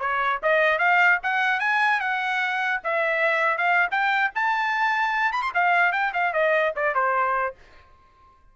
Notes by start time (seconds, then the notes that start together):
0.00 C#5
0.43 D#5
0.79 F5
1.23 F#5
1.60 G#5
2.00 F#5
2.84 E5
3.58 F5
3.91 G5
4.35 A5
5.32 B5
5.42 C6
5.54 F5
5.92 G5
6.13 F5
6.33 D#5
6.76 D5
6.94 C5